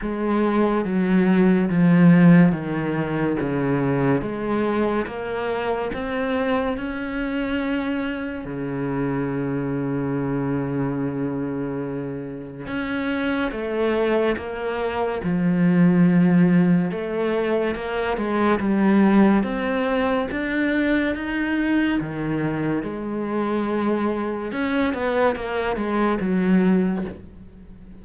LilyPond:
\new Staff \with { instrumentName = "cello" } { \time 4/4 \tempo 4 = 71 gis4 fis4 f4 dis4 | cis4 gis4 ais4 c'4 | cis'2 cis2~ | cis2. cis'4 |
a4 ais4 f2 | a4 ais8 gis8 g4 c'4 | d'4 dis'4 dis4 gis4~ | gis4 cis'8 b8 ais8 gis8 fis4 | }